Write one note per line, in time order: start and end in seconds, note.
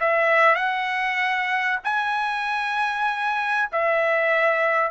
0.00 0.55 E5
0.55 1.79 F#5
1.84 3.69 G#5
3.72 4.91 E5